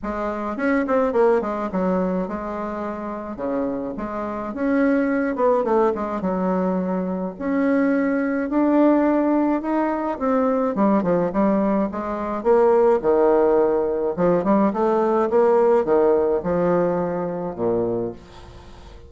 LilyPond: \new Staff \with { instrumentName = "bassoon" } { \time 4/4 \tempo 4 = 106 gis4 cis'8 c'8 ais8 gis8 fis4 | gis2 cis4 gis4 | cis'4. b8 a8 gis8 fis4~ | fis4 cis'2 d'4~ |
d'4 dis'4 c'4 g8 f8 | g4 gis4 ais4 dis4~ | dis4 f8 g8 a4 ais4 | dis4 f2 ais,4 | }